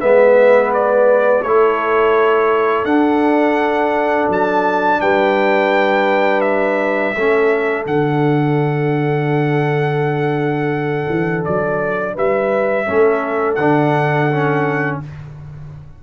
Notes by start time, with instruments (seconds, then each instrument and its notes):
0.00 tuba G#3, trombone B3, horn B4, trumpet E5
0.74 trumpet D5
1.43 tuba A3, trombone E4, horn A4, trumpet C#5
2.85 tuba D4, trombone D4, trumpet F#5
4.29 tuba F#3, trumpet A5
5.01 tuba G3, horn B4, trumpet G5
6.41 trumpet E5
7.16 tuba A3, trombone C#4, horn A4
7.86 tuba D3, trombone D4, trumpet F#5
11.09 tuba E3
11.45 tuba F#3, trumpet D5
12.15 tuba G3, horn B4, trumpet E5
12.86 tuba A3, trombone C#4, horn A4
13.55 tuba D3, trombone D4, trumpet F#5
14.32 trombone C#4